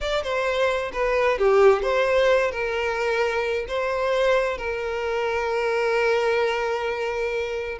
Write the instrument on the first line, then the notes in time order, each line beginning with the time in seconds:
violin
0.00 D5
0.23 C5
0.92 B4
1.38 G4
1.82 C5
2.51 A#4
3.68 C5
4.57 A#4